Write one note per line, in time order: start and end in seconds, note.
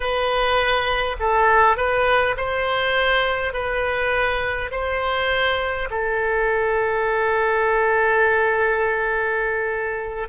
0.00 1.16 B4
1.19 1.76 A4
1.76 2.35 B4
2.36 3.53 C5
3.53 4.71 B4
4.71 5.88 C5
5.90 10.28 A4